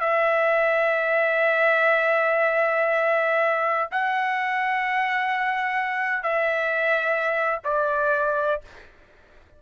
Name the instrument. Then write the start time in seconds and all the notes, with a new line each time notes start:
trumpet
0.00 E5
3.91 F#5
6.23 E5
7.64 D5